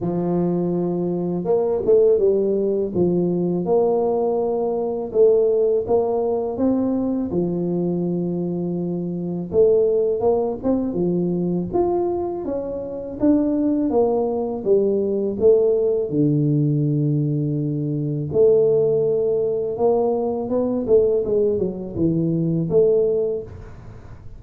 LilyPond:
\new Staff \with { instrumentName = "tuba" } { \time 4/4 \tempo 4 = 82 f2 ais8 a8 g4 | f4 ais2 a4 | ais4 c'4 f2~ | f4 a4 ais8 c'8 f4 |
f'4 cis'4 d'4 ais4 | g4 a4 d2~ | d4 a2 ais4 | b8 a8 gis8 fis8 e4 a4 | }